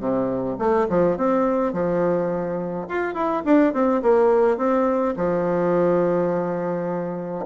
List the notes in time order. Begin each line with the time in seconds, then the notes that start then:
0.00 C3
0.58 A3
0.89 F3
1.17 C4
1.73 F3
2.89 F4
3.14 E4
3.45 D4
3.74 C4
4.02 A#3
4.57 C4
5.17 F3